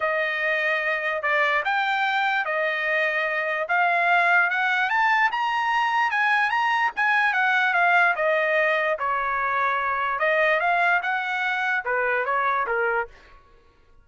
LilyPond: \new Staff \with { instrumentName = "trumpet" } { \time 4/4 \tempo 4 = 147 dis''2. d''4 | g''2 dis''2~ | dis''4 f''2 fis''4 | a''4 ais''2 gis''4 |
ais''4 gis''4 fis''4 f''4 | dis''2 cis''2~ | cis''4 dis''4 f''4 fis''4~ | fis''4 b'4 cis''4 ais'4 | }